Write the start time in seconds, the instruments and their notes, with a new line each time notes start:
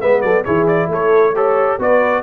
0.00 tuba G#3, trombone B3, horn B4, trumpet E5
0.21 tuba F#3, horn A4, trumpet D5
0.44 tuba E3, trombone E4, horn G#4, trumpet C#5
0.67 trumpet D5
0.88 tuba A3, horn A4, trumpet C#5
1.34 trombone G4, trumpet A4, horn C#5
1.79 tuba B3, trombone F#4, horn B4, trumpet D5